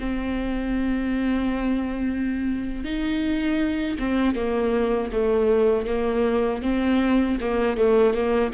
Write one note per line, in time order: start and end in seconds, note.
0.00 2.84 C4
2.84 3.98 D#4
3.99 4.35 C4
4.35 5.11 A#3
5.13 5.87 A3
5.87 6.62 A#3
6.62 7.38 C4
7.41 7.77 A#3
7.77 8.14 A3
8.14 8.52 A#3